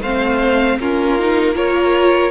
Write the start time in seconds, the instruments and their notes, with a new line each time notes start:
0.00 cello A3, viola C4, violin C5 F5
0.76 cello A#3, viola C#4, violin F4 A#4
1.19 viola D#4
1.54 viola F4, violin A#4 C#5